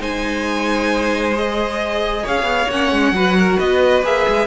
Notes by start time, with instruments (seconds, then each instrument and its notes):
0.00 cello G#3, viola D#4, violin C5 G#5
1.35 viola G#4, violin D#5
2.23 cello C#4, violin C#5 F5
2.43 cello B3
2.70 cello A#3, viola C#4, violin F#5
2.92 cello G#3
3.12 cello F#3, viola F#4, violin B4
3.39 violin A#4
3.58 cello B3, violin B4 D#5
4.03 cello A#3, viola G#4, violin E5
4.29 cello G#3